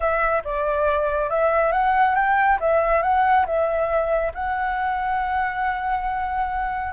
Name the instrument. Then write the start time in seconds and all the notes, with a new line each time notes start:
flute
0.00 E5
0.44 D5
1.29 E5
1.71 F#5
2.15 G5
2.60 E5
3.02 F#5
3.46 E5
4.34 F#5